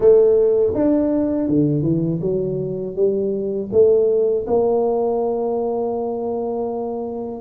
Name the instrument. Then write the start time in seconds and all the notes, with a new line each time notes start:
tuba
0.00 A3
0.74 D4
1.48 D3
1.82 E3
2.21 F#3
2.95 G3
3.71 A3
4.46 A#3